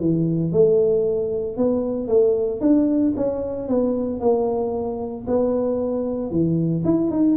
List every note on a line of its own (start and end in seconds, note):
0.00 0.52 E3
0.52 1.57 A3
1.57 2.08 B3
2.08 2.60 A3
2.61 3.13 D4
3.16 3.68 C#4
3.68 4.20 B3
4.20 5.25 A#3
5.27 6.31 B3
6.31 6.83 E3
6.84 7.11 E4
7.11 7.37 D#4